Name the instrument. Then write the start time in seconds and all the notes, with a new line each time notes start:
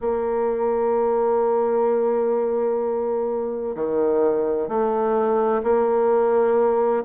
bassoon
0.00 A#3
3.75 D#3
4.68 A3
5.63 A#3